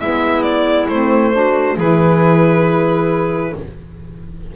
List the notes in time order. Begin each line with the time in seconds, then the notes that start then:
0.00 G#3 B3 E4 E5
0.42 D5
0.88 A3 C4 C5
1.32 D4 F#4
1.76 E3 E4 G#4 B4